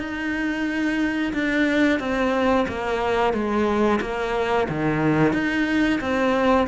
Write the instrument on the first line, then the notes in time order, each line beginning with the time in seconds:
cello
0.00 D#4
1.34 D4
2.00 C4
2.68 A#3
3.34 G#3
4.02 A#3
4.70 D#3
5.34 D#4
6.01 C4